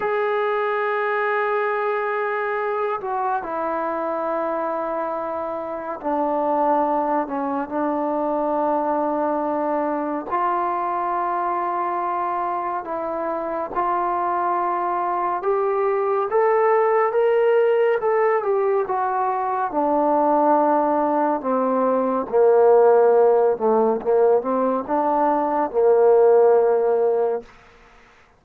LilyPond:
\new Staff \with { instrumentName = "trombone" } { \time 4/4 \tempo 4 = 70 gis'2.~ gis'8 fis'8 | e'2. d'4~ | d'8 cis'8 d'2. | f'2. e'4 |
f'2 g'4 a'4 | ais'4 a'8 g'8 fis'4 d'4~ | d'4 c'4 ais4. a8 | ais8 c'8 d'4 ais2 | }